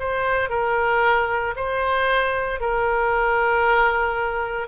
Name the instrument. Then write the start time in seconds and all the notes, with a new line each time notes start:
oboe
0.00 C5
0.50 A#4
1.56 C5
2.61 A#4